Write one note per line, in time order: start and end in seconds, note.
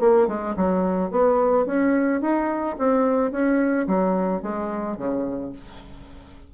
0.00 0.28 A#3
0.28 0.55 G#3
0.57 1.11 F#3
1.11 1.66 B3
1.66 2.21 C#4
2.21 2.76 D#4
2.79 3.32 C4
3.32 3.87 C#4
3.87 4.42 F#3
4.42 4.97 G#3
4.97 5.52 C#3